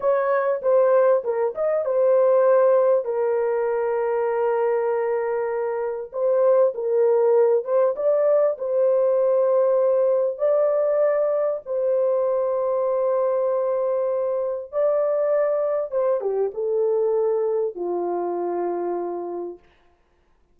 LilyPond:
\new Staff \with { instrumentName = "horn" } { \time 4/4 \tempo 4 = 98 cis''4 c''4 ais'8 dis''8 c''4~ | c''4 ais'2.~ | ais'2 c''4 ais'4~ | ais'8 c''8 d''4 c''2~ |
c''4 d''2 c''4~ | c''1 | d''2 c''8 g'8 a'4~ | a'4 f'2. | }